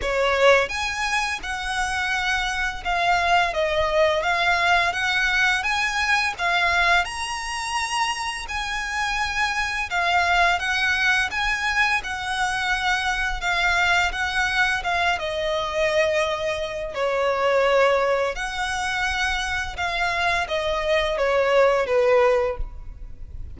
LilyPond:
\new Staff \with { instrumentName = "violin" } { \time 4/4 \tempo 4 = 85 cis''4 gis''4 fis''2 | f''4 dis''4 f''4 fis''4 | gis''4 f''4 ais''2 | gis''2 f''4 fis''4 |
gis''4 fis''2 f''4 | fis''4 f''8 dis''2~ dis''8 | cis''2 fis''2 | f''4 dis''4 cis''4 b'4 | }